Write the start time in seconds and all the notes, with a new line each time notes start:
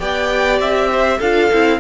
0.00 B3 G4 D5 G5
0.60 C4 E5
0.93 C5
1.19 D4 F4 A4 F5
1.53 C4 E4